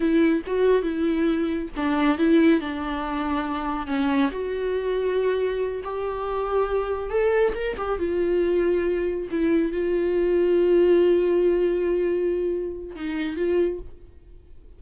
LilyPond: \new Staff \with { instrumentName = "viola" } { \time 4/4 \tempo 4 = 139 e'4 fis'4 e'2 | d'4 e'4 d'2~ | d'4 cis'4 fis'2~ | fis'4. g'2~ g'8~ |
g'8 a'4 ais'8 g'8 f'4.~ | f'4. e'4 f'4.~ | f'1~ | f'2 dis'4 f'4 | }